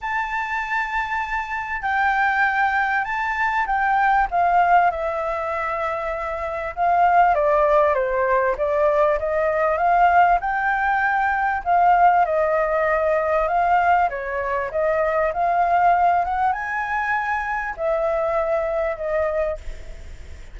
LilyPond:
\new Staff \with { instrumentName = "flute" } { \time 4/4 \tempo 4 = 98 a''2. g''4~ | g''4 a''4 g''4 f''4 | e''2. f''4 | d''4 c''4 d''4 dis''4 |
f''4 g''2 f''4 | dis''2 f''4 cis''4 | dis''4 f''4. fis''8 gis''4~ | gis''4 e''2 dis''4 | }